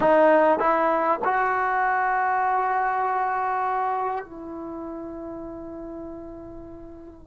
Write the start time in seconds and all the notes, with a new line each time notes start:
0.00 D#4
0.59 E4
1.24 F#4
4.24 E4